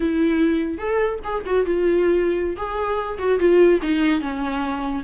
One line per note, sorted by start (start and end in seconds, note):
0.00 0.78 E4
0.78 1.19 A4
1.24 1.44 G#4
1.46 1.65 F#4
1.65 2.56 F4
2.56 3.18 G#4
3.18 3.39 F#4
3.39 3.80 F4
3.82 4.20 D#4
4.20 5.03 C#4